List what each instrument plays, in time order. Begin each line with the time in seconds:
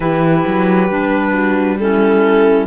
0.00 cello E3, clarinet E4, horn G4, violin B4
0.46 cello F#3
0.89 cello G3, clarinet D4
1.32 horn F#4
1.78 clarinet C#4, horn E4, violin A4